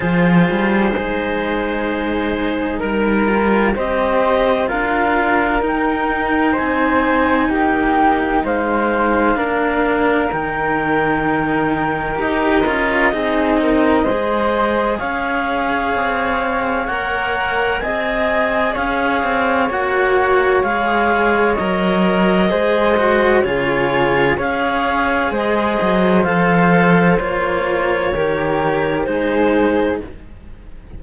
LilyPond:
<<
  \new Staff \with { instrumentName = "clarinet" } { \time 4/4 \tempo 4 = 64 c''2. ais'4 | dis''4 f''4 g''4 gis''4 | g''4 f''2 g''4~ | g''4 dis''2. |
f''2 fis''4 gis''4 | f''4 fis''4 f''4 dis''4~ | dis''4 cis''4 f''4 dis''4 | f''4 cis''2 c''4 | }
  \new Staff \with { instrumentName = "flute" } { \time 4/4 gis'2. ais'4 | c''4 ais'2 c''4 | g'4 c''4 ais'2~ | ais'2 gis'8 ais'8 c''4 |
cis''2. dis''4 | cis''1 | c''4 gis'4 cis''4 c''4~ | c''2 ais'4 gis'4 | }
  \new Staff \with { instrumentName = "cello" } { \time 4/4 f'4 dis'2~ dis'8 f'8 | g'4 f'4 dis'2~ | dis'2 d'4 dis'4~ | dis'4 g'8 f'8 dis'4 gis'4~ |
gis'2 ais'4 gis'4~ | gis'4 fis'4 gis'4 ais'4 | gis'8 fis'8 f'4 gis'2 | a'4 f'4 g'4 dis'4 | }
  \new Staff \with { instrumentName = "cello" } { \time 4/4 f8 g8 gis2 g4 | c'4 d'4 dis'4 c'4 | ais4 gis4 ais4 dis4~ | dis4 dis'8 cis'8 c'4 gis4 |
cis'4 c'4 ais4 c'4 | cis'8 c'8 ais4 gis4 fis4 | gis4 cis4 cis'4 gis8 fis8 | f4 ais4 dis4 gis4 | }
>>